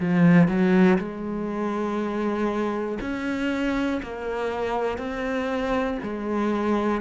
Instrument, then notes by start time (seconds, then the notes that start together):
cello
0.00 F3
0.48 F#3
0.98 G#3
3.00 C#4
4.02 A#3
4.98 C4
6.03 G#3